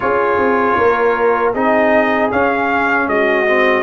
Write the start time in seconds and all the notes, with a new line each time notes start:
0.00 C#4 F4 G#4 C#5
0.37 C4
0.77 A#3 A#4
1.53 C4 D#4 G#4 D#5
2.30 C#4 F5
3.06 G#3 F#4 D#5
3.46 C4